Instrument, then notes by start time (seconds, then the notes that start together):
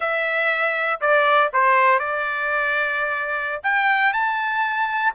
trumpet
0.00 E5
1.00 D5
1.53 C5
1.99 D5
3.63 G5
4.13 A5